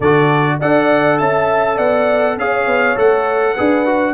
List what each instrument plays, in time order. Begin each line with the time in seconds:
0.00 tuba D3, trombone F#4, horn A4, trumpet D5
0.59 tuba D4, trombone A4, horn D5, trumpet F#5
1.18 tuba C#4, horn E5, trumpet A5
1.76 tuba B3, horn D5, trumpet F#5
2.37 tuba C#4, trombone G#4, horn C#5, trumpet F5
2.66 tuba B3
2.96 tuba A3, trombone A4, trumpet F#5
3.53 tuba D4, trombone G#4, horn B4
3.85 trombone F#4